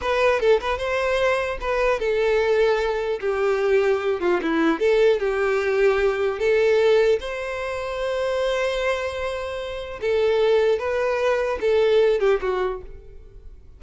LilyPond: \new Staff \with { instrumentName = "violin" } { \time 4/4 \tempo 4 = 150 b'4 a'8 b'8 c''2 | b'4 a'2. | g'2~ g'8 f'8 e'4 | a'4 g'2. |
a'2 c''2~ | c''1~ | c''4 a'2 b'4~ | b'4 a'4. g'8 fis'4 | }